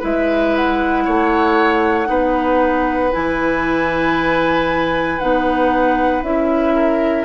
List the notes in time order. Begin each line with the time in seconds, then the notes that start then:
0.00 G#3 E4 B4 E5
0.56 F#5
1.05 A3 C#5
2.05 B3 D#4 B4
3.12 E3 E4 G#5
5.19 B3 D#4 F#5
6.22 C#4 E4 E5
6.75 A#4